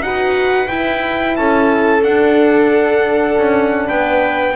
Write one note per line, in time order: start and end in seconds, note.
0.00 0.67 D#4
0.00 0.67 F#4
0.00 1.38 B4
0.00 0.68 F#5
0.67 2.02 E4
0.67 1.37 E4
0.67 1.36 G5
1.36 2.03 C#4
1.36 3.87 A4
1.36 2.04 A5
2.03 3.37 D4
2.03 4.56 D4
2.03 3.89 F#5
3.38 3.89 C#4
3.87 4.56 B3
3.87 4.54 B4
3.87 4.56 G5